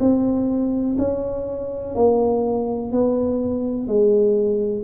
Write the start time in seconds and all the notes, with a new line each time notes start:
0.00 C4
0.99 C#4
1.95 A#3
2.92 B3
3.88 G#3